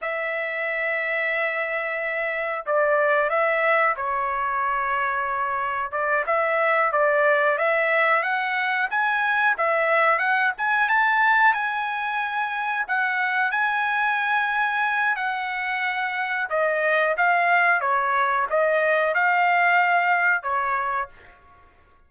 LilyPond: \new Staff \with { instrumentName = "trumpet" } { \time 4/4 \tempo 4 = 91 e''1 | d''4 e''4 cis''2~ | cis''4 d''8 e''4 d''4 e''8~ | e''8 fis''4 gis''4 e''4 fis''8 |
gis''8 a''4 gis''2 fis''8~ | fis''8 gis''2~ gis''8 fis''4~ | fis''4 dis''4 f''4 cis''4 | dis''4 f''2 cis''4 | }